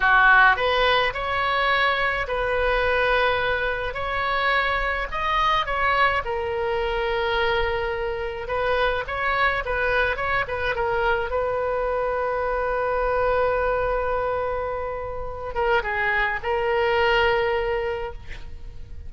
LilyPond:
\new Staff \with { instrumentName = "oboe" } { \time 4/4 \tempo 4 = 106 fis'4 b'4 cis''2 | b'2. cis''4~ | cis''4 dis''4 cis''4 ais'4~ | ais'2. b'4 |
cis''4 b'4 cis''8 b'8 ais'4 | b'1~ | b'2.~ b'8 ais'8 | gis'4 ais'2. | }